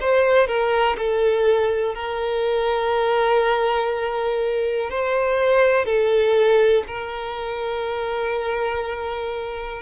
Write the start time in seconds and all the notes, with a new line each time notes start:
0.00 C5
0.47 A#4
0.97 A4
1.94 A#4
4.90 C5
5.85 A4
6.87 A#4